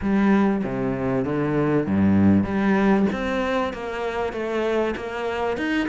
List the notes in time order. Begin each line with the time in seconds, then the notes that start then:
0.01 G3
0.64 C3
1.24 D3
1.86 G2
2.44 G3
3.12 C4
3.73 A#3
4.32 A3
4.96 A#3
5.57 D#4